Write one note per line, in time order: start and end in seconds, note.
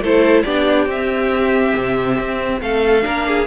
0.00 0.43 A3
0.00 0.45 E4
0.00 0.44 A4
0.00 0.43 C5
0.43 0.86 B3
0.43 0.88 D4
0.43 2.60 G4
0.43 0.86 D5
0.86 1.72 C4
0.86 3.01 C4
0.86 2.61 E5
1.76 2.19 C3
2.19 2.61 C4
2.61 3.04 A3
2.61 3.05 A4
2.61 3.46 F5
3.01 3.46 A#3
3.01 3.44 D4
3.01 3.26 A#4
3.27 3.46 G#4